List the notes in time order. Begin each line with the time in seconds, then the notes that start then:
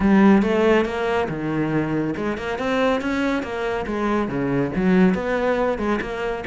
0.00 G3
0.42 A3
0.85 A#3
1.28 D#3
2.16 G#3
2.37 A#3
2.58 C4
3.01 C#4
3.42 A#3
3.86 G#3
4.28 C#3
4.75 F#3
5.14 B3
5.78 G#3
6.01 A#3